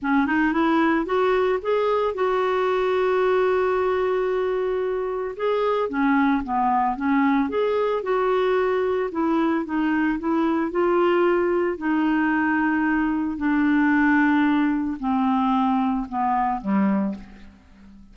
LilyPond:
\new Staff \with { instrumentName = "clarinet" } { \time 4/4 \tempo 4 = 112 cis'8 dis'8 e'4 fis'4 gis'4 | fis'1~ | fis'2 gis'4 cis'4 | b4 cis'4 gis'4 fis'4~ |
fis'4 e'4 dis'4 e'4 | f'2 dis'2~ | dis'4 d'2. | c'2 b4 g4 | }